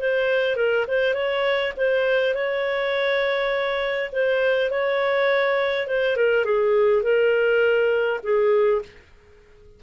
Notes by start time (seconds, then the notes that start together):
0.00 C5
0.56 A#4
0.88 C5
1.14 C#5
1.77 C5
2.34 C#5
4.12 C5
4.71 C#5
5.88 C5
6.17 A#4
6.45 G#4
7.03 A#4
8.24 G#4